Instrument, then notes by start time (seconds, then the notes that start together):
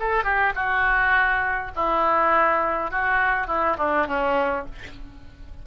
oboe
0.00 A4
0.24 G4
0.56 F#4
1.76 E4
2.92 F#4
3.48 E4
3.79 D4
4.08 C#4